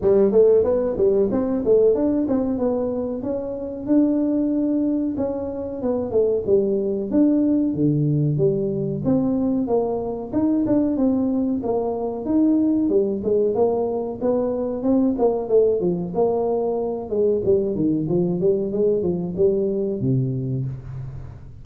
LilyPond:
\new Staff \with { instrumentName = "tuba" } { \time 4/4 \tempo 4 = 93 g8 a8 b8 g8 c'8 a8 d'8 c'8 | b4 cis'4 d'2 | cis'4 b8 a8 g4 d'4 | d4 g4 c'4 ais4 |
dis'8 d'8 c'4 ais4 dis'4 | g8 gis8 ais4 b4 c'8 ais8 | a8 f8 ais4. gis8 g8 dis8 | f8 g8 gis8 f8 g4 c4 | }